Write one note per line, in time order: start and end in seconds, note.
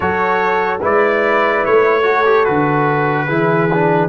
0.00 0.82 F#3
0.00 0.79 F#4
0.00 0.80 A4
0.00 0.80 C#5
0.80 1.64 G#3
0.80 2.03 E4
0.80 2.03 B4
0.80 1.65 D5
1.65 2.48 A3
1.65 2.44 C#5
2.03 2.23 F#4
2.03 3.27 A4
2.25 2.45 G4
2.44 3.29 D3
2.44 3.27 F#4
2.44 4.09 B4
3.27 4.09 E3
3.27 3.69 E4
3.27 4.09 G#4
3.73 4.09 D4